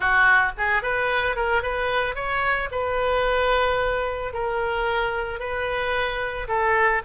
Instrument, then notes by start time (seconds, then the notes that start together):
oboe
0.00 F#4
0.57 G#4
0.82 B4
1.35 A#4
1.62 B4
2.15 C#5
2.71 B4
4.33 A#4
5.39 B4
6.47 A4